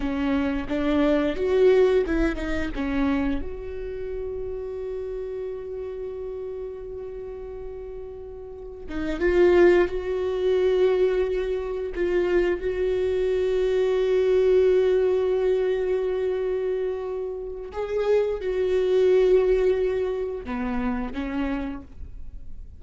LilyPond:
\new Staff \with { instrumentName = "viola" } { \time 4/4 \tempo 4 = 88 cis'4 d'4 fis'4 e'8 dis'8 | cis'4 fis'2.~ | fis'1~ | fis'4 dis'8 f'4 fis'4.~ |
fis'4. f'4 fis'4.~ | fis'1~ | fis'2 gis'4 fis'4~ | fis'2 b4 cis'4 | }